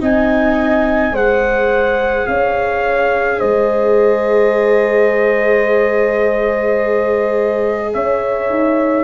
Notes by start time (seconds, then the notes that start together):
0.00 C4 D#4 D#5 G#5
1.12 G#3 G#4 C5 F#5
2.28 C#4 C#5 F5
3.39 G#3 C5 D#5
7.94 C#4 C#5 E5
8.50 D#4